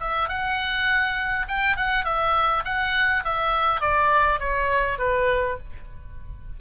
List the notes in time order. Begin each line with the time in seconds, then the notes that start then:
0.00 E5
0.28 F#5
1.48 G5
1.76 F#5
2.05 E5
2.64 F#5
3.24 E5
3.81 D5
4.40 C#5
4.98 B4